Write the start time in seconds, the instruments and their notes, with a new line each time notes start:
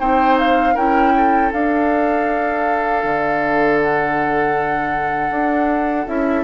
0.00 bassoon C4, clarinet D#4, oboe C5, flute G5
0.39 flute F5
0.75 bassoon C#4, clarinet E4, oboe A#4, flute G5
1.17 oboe A4
1.52 clarinet D4, bassoon D4, flute F5
3.04 bassoon D3
3.81 flute F#5
5.31 bassoon D4
6.08 bassoon C#4, clarinet E4, flute E5